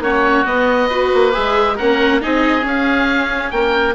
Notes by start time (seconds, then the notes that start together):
0.00 A#3 C#4 F#4 C#5
0.45 B3 D#5
0.89 F#4 B4
1.14 A#3
1.32 G#3 G#4 E5
1.76 A#3 C#4 A#4 F#5
2.21 C4 D#4 G#4 D#5
2.61 C#4
2.68 F5
3.51 A#3 A#4 G5